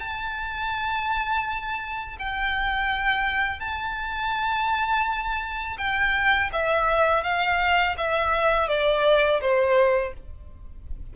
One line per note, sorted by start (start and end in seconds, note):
0.00 2.17 A5
2.19 3.60 G5
3.60 5.77 A5
5.78 6.50 G5
6.53 7.24 E5
7.24 7.96 F5
7.98 8.68 E5
8.68 9.41 D5
9.41 10.14 C5